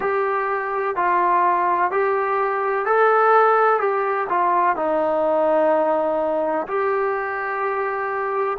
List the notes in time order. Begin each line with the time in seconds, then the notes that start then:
0.00 G4
0.95 F4
1.90 G4
2.85 A4
3.80 G4
4.29 F4
4.76 D#4
6.67 G4